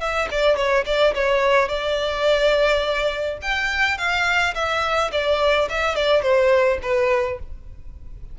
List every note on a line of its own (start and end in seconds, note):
0.00 0.28 E5
0.31 0.56 D5
0.56 0.85 C#5
0.86 1.14 D5
1.14 1.68 C#5
1.68 3.38 D5
3.42 3.98 G5
3.98 4.54 F5
4.54 5.11 E5
5.12 5.68 D5
5.69 5.95 E5
5.95 6.22 D5
6.22 6.78 C5
6.82 7.39 B4